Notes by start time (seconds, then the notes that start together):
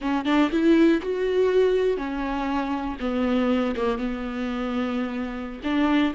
0.01 C#4
0.25 D4
0.51 E4
1.02 F#4
1.97 C#4
3.00 B3
3.75 A#3
3.98 B3
5.63 D4